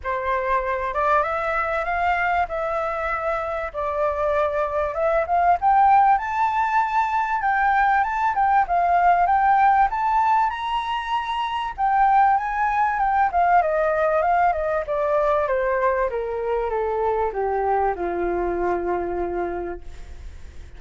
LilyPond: \new Staff \with { instrumentName = "flute" } { \time 4/4 \tempo 4 = 97 c''4. d''8 e''4 f''4 | e''2 d''2 | e''8 f''8 g''4 a''2 | g''4 a''8 g''8 f''4 g''4 |
a''4 ais''2 g''4 | gis''4 g''8 f''8 dis''4 f''8 dis''8 | d''4 c''4 ais'4 a'4 | g'4 f'2. | }